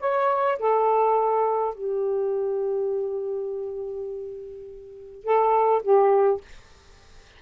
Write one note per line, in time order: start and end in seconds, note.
0.00 0.58 C#5
0.59 1.74 A4
1.74 5.24 G4
5.24 5.82 A4
5.83 6.41 G4